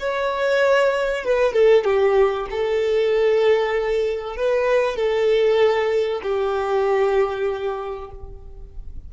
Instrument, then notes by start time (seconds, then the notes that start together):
violin
0.00 C#5
1.25 B4
1.53 A4
1.85 G4
2.51 A4
4.37 B4
4.97 A4
6.23 G4